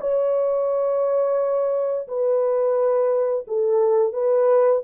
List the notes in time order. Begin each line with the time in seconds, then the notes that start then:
0.00 C#5
2.08 B4
3.47 A4
4.13 B4